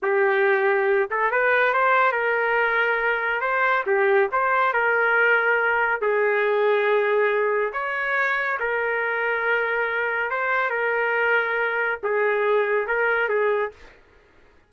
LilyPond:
\new Staff \with { instrumentName = "trumpet" } { \time 4/4 \tempo 4 = 140 g'2~ g'8 a'8 b'4 | c''4 ais'2. | c''4 g'4 c''4 ais'4~ | ais'2 gis'2~ |
gis'2 cis''2 | ais'1 | c''4 ais'2. | gis'2 ais'4 gis'4 | }